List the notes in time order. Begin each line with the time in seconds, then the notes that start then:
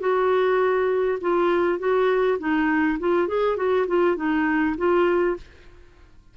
0.00 F#4
1.22 F4
1.79 F#4
2.40 D#4
3.00 F4
3.28 G#4
3.57 F#4
3.88 F4
4.17 D#4
4.78 F4